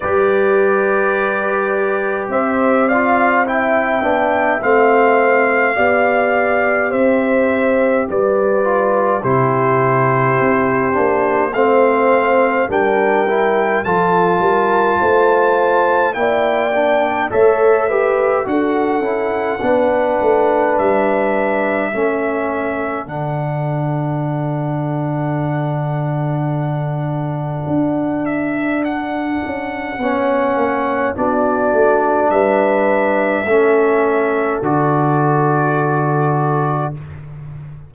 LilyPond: <<
  \new Staff \with { instrumentName = "trumpet" } { \time 4/4 \tempo 4 = 52 d''2 e''8 f''8 g''4 | f''2 e''4 d''4 | c''2 f''4 g''4 | a''2 g''4 e''4 |
fis''2 e''2 | fis''1~ | fis''8 e''8 fis''2 d''4 | e''2 d''2 | }
  \new Staff \with { instrumentName = "horn" } { \time 4/4 b'2 c''8 d''8 e''4~ | e''4 d''4 c''4 b'4 | g'2 c''4 ais'4 | a'8 ais'8 c''4 d''4 cis''8 b'8 |
a'4 b'2 a'4~ | a'1~ | a'2 cis''4 fis'4 | b'4 a'2. | }
  \new Staff \with { instrumentName = "trombone" } { \time 4/4 g'2~ g'8 f'8 e'8 d'8 | c'4 g'2~ g'8 f'8 | e'4. d'8 c'4 d'8 e'8 | f'2 e'8 d'8 a'8 g'8 |
fis'8 e'8 d'2 cis'4 | d'1~ | d'2 cis'4 d'4~ | d'4 cis'4 fis'2 | }
  \new Staff \with { instrumentName = "tuba" } { \time 4/4 g2 c'4. b8 | a4 b4 c'4 g4 | c4 c'8 ais8 a4 g4 | f8 g8 a4 ais4 a4 |
d'8 cis'8 b8 a8 g4 a4 | d1 | d'4. cis'8 b8 ais8 b8 a8 | g4 a4 d2 | }
>>